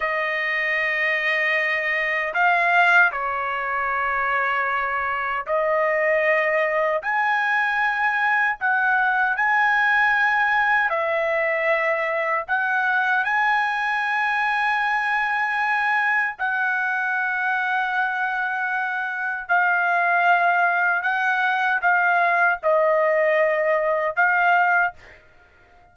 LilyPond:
\new Staff \with { instrumentName = "trumpet" } { \time 4/4 \tempo 4 = 77 dis''2. f''4 | cis''2. dis''4~ | dis''4 gis''2 fis''4 | gis''2 e''2 |
fis''4 gis''2.~ | gis''4 fis''2.~ | fis''4 f''2 fis''4 | f''4 dis''2 f''4 | }